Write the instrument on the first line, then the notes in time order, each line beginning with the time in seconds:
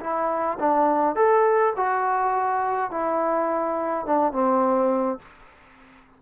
trombone
0.00 E4
0.59 D4
1.15 A4
1.76 F#4
2.91 E4
4.06 D4
4.32 C4